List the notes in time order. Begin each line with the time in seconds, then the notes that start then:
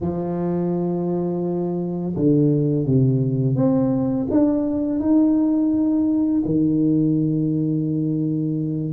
0.01 F3
2.16 D3
2.86 C3
3.55 C4
4.30 D4
4.99 D#4
6.45 D#3